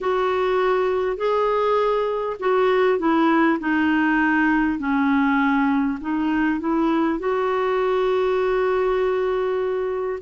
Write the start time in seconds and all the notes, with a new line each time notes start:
0.00 F#4
1.17 G#4
2.39 F#4
2.98 E4
3.59 D#4
4.78 C#4
6.00 D#4
6.60 E4
7.19 F#4